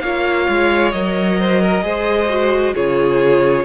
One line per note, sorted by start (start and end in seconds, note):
0.00 0.47 A#3
0.00 0.93 F4
0.00 1.39 C#5
0.00 0.91 F5
0.48 0.93 G#3
0.91 1.83 F#3
0.91 1.81 A#4
0.91 2.73 D#5
1.39 1.61 C5
1.61 1.84 A#4
1.81 2.74 G#3
1.81 2.27 G#4
1.81 2.74 C5
2.29 2.74 F#4
2.74 3.65 C#3
2.74 3.65 F4
2.74 3.65 G#4
2.74 3.65 C#5